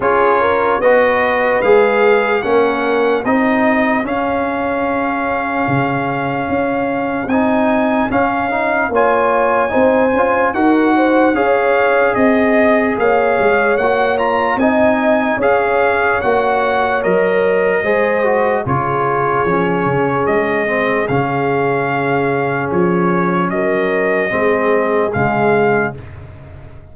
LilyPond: <<
  \new Staff \with { instrumentName = "trumpet" } { \time 4/4 \tempo 4 = 74 cis''4 dis''4 f''4 fis''4 | dis''4 f''2.~ | f''4 gis''4 f''4 gis''4~ | gis''4 fis''4 f''4 dis''4 |
f''4 fis''8 ais''8 gis''4 f''4 | fis''4 dis''2 cis''4~ | cis''4 dis''4 f''2 | cis''4 dis''2 f''4 | }
  \new Staff \with { instrumentName = "horn" } { \time 4/4 gis'8 ais'8 b'2 ais'4 | gis'1~ | gis'2. cis''4 | c''4 ais'8 c''8 cis''4 dis''4 |
cis''2 dis''4 cis''4~ | cis''2 c''4 gis'4~ | gis'1~ | gis'4 ais'4 gis'2 | }
  \new Staff \with { instrumentName = "trombone" } { \time 4/4 f'4 fis'4 gis'4 cis'4 | dis'4 cis'2.~ | cis'4 dis'4 cis'8 dis'8 f'4 | dis'8 f'8 fis'4 gis'2~ |
gis'4 fis'8 f'8 dis'4 gis'4 | fis'4 ais'4 gis'8 fis'8 f'4 | cis'4. c'8 cis'2~ | cis'2 c'4 gis4 | }
  \new Staff \with { instrumentName = "tuba" } { \time 4/4 cis'4 b4 gis4 ais4 | c'4 cis'2 cis4 | cis'4 c'4 cis'4 ais4 | c'8 cis'8 dis'4 cis'4 c'4 |
ais8 gis8 ais4 c'4 cis'4 | ais4 fis4 gis4 cis4 | f8 cis8 gis4 cis2 | f4 fis4 gis4 cis4 | }
>>